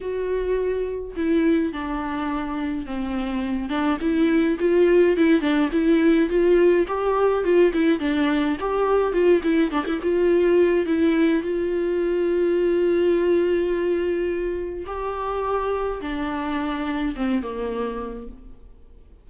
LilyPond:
\new Staff \with { instrumentName = "viola" } { \time 4/4 \tempo 4 = 105 fis'2 e'4 d'4~ | d'4 c'4. d'8 e'4 | f'4 e'8 d'8 e'4 f'4 | g'4 f'8 e'8 d'4 g'4 |
f'8 e'8 d'16 e'16 f'4. e'4 | f'1~ | f'2 g'2 | d'2 c'8 ais4. | }